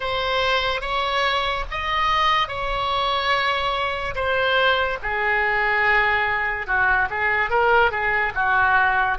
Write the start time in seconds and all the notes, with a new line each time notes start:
0.00 C5
0.81 C#5
1.70 D#5
2.48 C#5
4.15 C5
5.02 G#4
6.67 F#4
7.10 G#4
7.50 A#4
7.91 G#4
8.34 F#4